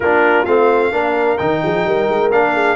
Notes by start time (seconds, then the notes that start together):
0.00 A#3 D4 F4 A#4
0.45 A3 C4 F5
0.91 A#3 D4 A#4
1.37 D#3 D#4 G5
1.63 F3 G#4
1.84 G3 A#4
2.09 G#3
2.30 A#3 D4 F5
2.54 G#4